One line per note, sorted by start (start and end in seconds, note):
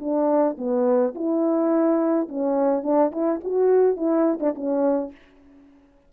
0.00 0.57 D4
0.58 1.14 B3
1.15 2.28 E4
2.29 2.83 C#4
2.83 3.11 D4
3.12 3.40 E4
3.44 3.96 F#4
3.96 4.39 E4
4.40 4.54 D4
4.55 5.11 C#4